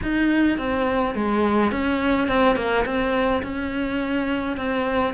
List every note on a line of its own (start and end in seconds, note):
0.02 0.58 D#4
0.58 1.15 C4
1.15 1.71 G#3
1.71 2.28 C#4
2.28 2.56 C4
2.56 2.84 A#3
2.85 3.42 C4
3.42 4.56 C#4
4.56 5.13 C4